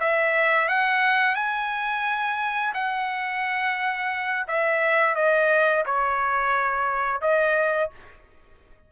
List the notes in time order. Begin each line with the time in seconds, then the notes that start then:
0.00 E5
0.69 F#5
1.35 G#5
2.74 F#5
4.48 E5
5.16 D#5
5.86 C#5
7.22 D#5